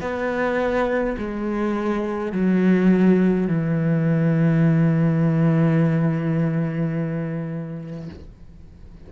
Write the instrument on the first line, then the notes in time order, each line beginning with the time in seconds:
cello
0.00 B3
1.18 G#3
2.32 F#3
3.47 E3